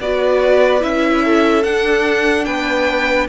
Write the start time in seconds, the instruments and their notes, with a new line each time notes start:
0.00 cello B3, viola F#4, violin B4 D5
0.80 cello C#4, viola E4, violin E5
1.23 violin A4
1.63 cello D4, viola D4, violin F#5
2.44 cello B3, violin B4 G5